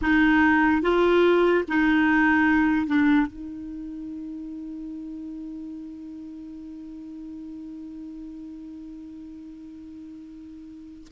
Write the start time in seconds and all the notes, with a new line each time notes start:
0.01 D#4
0.82 F4
1.67 D#4
2.86 D4
3.27 D#4